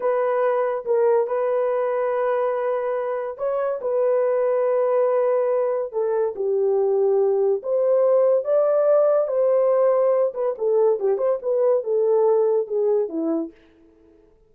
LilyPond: \new Staff \with { instrumentName = "horn" } { \time 4/4 \tempo 4 = 142 b'2 ais'4 b'4~ | b'1 | cis''4 b'2.~ | b'2 a'4 g'4~ |
g'2 c''2 | d''2 c''2~ | c''8 b'8 a'4 g'8 c''8 b'4 | a'2 gis'4 e'4 | }